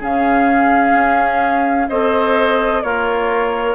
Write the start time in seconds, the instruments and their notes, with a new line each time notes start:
0.00 bassoon C#3, clarinet C#4, oboe G#4, flute F5
0.93 bassoon C#4
1.89 bassoon C4, clarinet A4, oboe C5, flute D#5
2.83 bassoon A#3, oboe F4, clarinet A#4, flute C#5